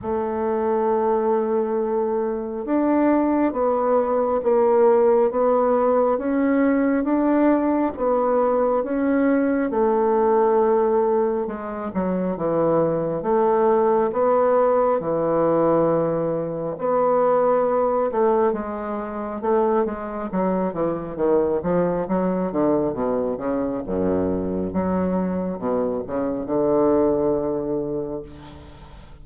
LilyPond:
\new Staff \with { instrumentName = "bassoon" } { \time 4/4 \tempo 4 = 68 a2. d'4 | b4 ais4 b4 cis'4 | d'4 b4 cis'4 a4~ | a4 gis8 fis8 e4 a4 |
b4 e2 b4~ | b8 a8 gis4 a8 gis8 fis8 e8 | dis8 f8 fis8 d8 b,8 cis8 fis,4 | fis4 b,8 cis8 d2 | }